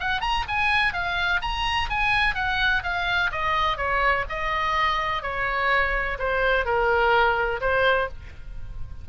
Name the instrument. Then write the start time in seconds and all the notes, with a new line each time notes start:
oboe
0.00 F#5
0.21 A#5
0.48 G#5
0.93 F5
1.42 A#5
1.90 G#5
2.35 F#5
2.83 F5
3.31 D#5
3.77 C#5
4.29 D#5
5.23 C#5
6.19 C5
6.65 A#4
7.61 C5